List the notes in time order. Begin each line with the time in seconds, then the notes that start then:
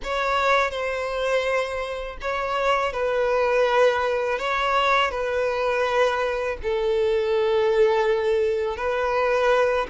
0.03 C#5
0.71 C5
2.21 C#5
2.92 B4
4.38 C#5
5.11 B4
6.63 A4
8.76 B4